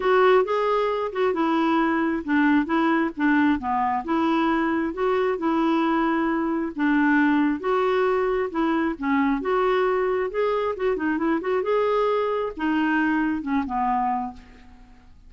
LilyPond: \new Staff \with { instrumentName = "clarinet" } { \time 4/4 \tempo 4 = 134 fis'4 gis'4. fis'8 e'4~ | e'4 d'4 e'4 d'4 | b4 e'2 fis'4 | e'2. d'4~ |
d'4 fis'2 e'4 | cis'4 fis'2 gis'4 | fis'8 dis'8 e'8 fis'8 gis'2 | dis'2 cis'8 b4. | }